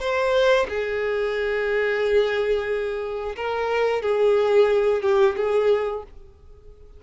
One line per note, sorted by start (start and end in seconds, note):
0.00 0.67 C5
0.69 3.36 G#4
3.36 4.02 A#4
4.02 5.02 G#4
5.02 5.35 G4
5.37 6.03 G#4